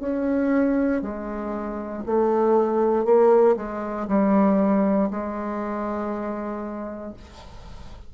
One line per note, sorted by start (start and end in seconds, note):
0.00 1.02 C#4
1.02 2.03 G#3
2.06 3.05 A3
3.05 3.56 A#3
3.57 4.08 G#3
4.08 5.09 G3
5.10 7.14 G#3